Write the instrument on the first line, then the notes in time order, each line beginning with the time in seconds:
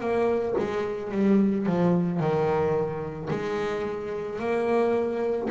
double bass
0.00 A#3
0.59 G#3
1.12 G3
1.67 F3
2.20 D#3
3.30 G#3
4.39 A#3